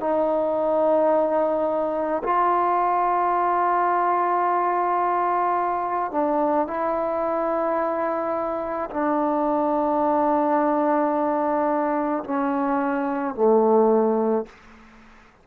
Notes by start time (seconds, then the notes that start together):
0.00 D#4
2.24 F4
6.12 D4
6.67 E4
8.90 D4
12.24 C#4
13.35 A3